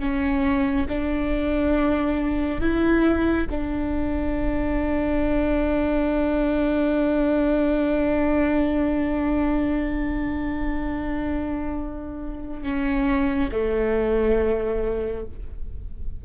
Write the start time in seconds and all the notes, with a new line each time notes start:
0.00 C#4
0.89 D4
2.60 E4
3.50 D4
12.63 C#4
13.52 A3